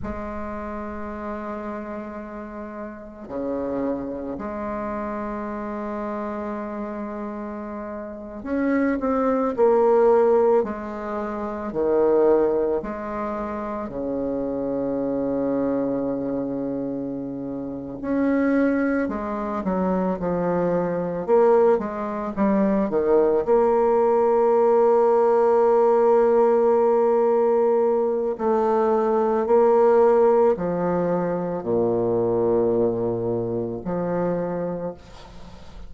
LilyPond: \new Staff \with { instrumentName = "bassoon" } { \time 4/4 \tempo 4 = 55 gis2. cis4 | gis2.~ gis8. cis'16~ | cis'16 c'8 ais4 gis4 dis4 gis16~ | gis8. cis2.~ cis16~ |
cis8 cis'4 gis8 fis8 f4 ais8 | gis8 g8 dis8 ais2~ ais8~ | ais2 a4 ais4 | f4 ais,2 f4 | }